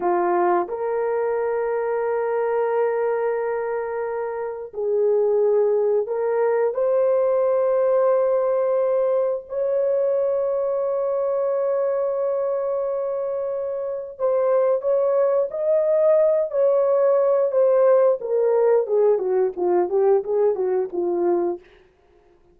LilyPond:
\new Staff \with { instrumentName = "horn" } { \time 4/4 \tempo 4 = 89 f'4 ais'2.~ | ais'2. gis'4~ | gis'4 ais'4 c''2~ | c''2 cis''2~ |
cis''1~ | cis''4 c''4 cis''4 dis''4~ | dis''8 cis''4. c''4 ais'4 | gis'8 fis'8 f'8 g'8 gis'8 fis'8 f'4 | }